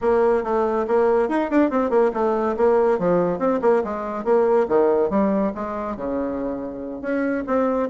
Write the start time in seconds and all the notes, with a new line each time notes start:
0.01 A#3
0.43 A3
0.87 A#3
1.29 D#4
1.50 D4
1.70 C4
1.90 A#3
2.13 A3
2.56 A#3
2.98 F3
3.38 C4
3.61 A#3
3.83 G#3
4.24 A#3
4.68 D#3
5.09 G3
5.54 G#3
5.96 C#3
7.01 C#4
7.46 C4